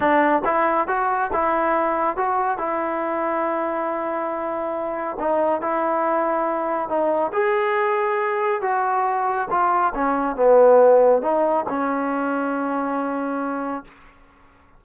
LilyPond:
\new Staff \with { instrumentName = "trombone" } { \time 4/4 \tempo 4 = 139 d'4 e'4 fis'4 e'4~ | e'4 fis'4 e'2~ | e'1 | dis'4 e'2. |
dis'4 gis'2. | fis'2 f'4 cis'4 | b2 dis'4 cis'4~ | cis'1 | }